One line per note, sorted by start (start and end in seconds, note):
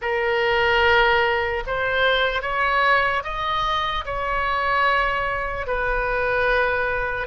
0.01 1.63 A#4
1.66 2.42 C5
2.42 3.23 C#5
3.23 4.04 D#5
4.05 5.66 C#5
5.66 7.27 B4